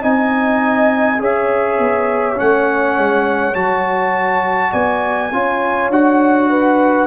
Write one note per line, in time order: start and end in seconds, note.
0.00 1.20 C4
0.00 1.18 D#4
0.00 1.20 D#5
0.00 1.21 G#5
1.19 1.79 C#4
1.19 2.35 G#4
1.19 4.72 C#5
1.19 2.39 E5
1.79 2.37 B3
2.35 2.98 A3
2.35 3.53 C#4
2.35 3.55 F#5
2.98 3.55 G#3
3.53 4.73 F#3
3.53 5.30 F#4
3.53 4.72 A5
4.72 5.32 B3
4.72 5.31 D5
4.72 5.90 G#5
5.32 5.89 C#4
5.32 5.91 F4
5.32 6.50 C#5
5.89 7.07 D4
5.89 7.07 F#4
5.89 7.07 F#5
6.50 7.07 B4